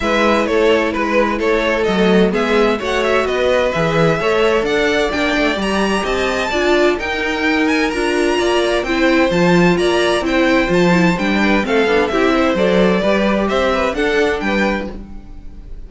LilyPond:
<<
  \new Staff \with { instrumentName = "violin" } { \time 4/4 \tempo 4 = 129 e''4 cis''4 b'4 cis''4 | dis''4 e''4 fis''8 e''8 dis''4 | e''2 fis''4 g''4 | ais''4 a''2 g''4~ |
g''8 gis''8 ais''2 g''4 | a''4 ais''4 g''4 a''4 | g''4 f''4 e''4 d''4~ | d''4 e''4 fis''4 g''4 | }
  \new Staff \with { instrumentName = "violin" } { \time 4/4 b'4 a'4 b'4 a'4~ | a'4 gis'4 cis''4 b'4~ | b'4 cis''4 d''2~ | d''4 dis''4 d''4 ais'4~ |
ais'2 d''4 c''4~ | c''4 d''4 c''2~ | c''8 b'8 a'4 g'8 c''4. | b'4 c''8 b'8 a'4 b'4 | }
  \new Staff \with { instrumentName = "viola" } { \time 4/4 e'1 | a4 b4 fis'2 | gis'4 a'2 d'4 | g'2 f'4 dis'4~ |
dis'4 f'2 e'4 | f'2 e'4 f'8 e'8 | d'4 c'8 d'8 e'4 a'4 | g'2 d'2 | }
  \new Staff \with { instrumentName = "cello" } { \time 4/4 gis4 a4 gis4 a4 | fis4 gis4 a4 b4 | e4 a4 d'4 ais8 a8 | g4 c'4 d'4 dis'4~ |
dis'4 d'4 ais4 c'4 | f4 ais4 c'4 f4 | g4 a8 b8 c'4 fis4 | g4 c'4 d'4 g4 | }
>>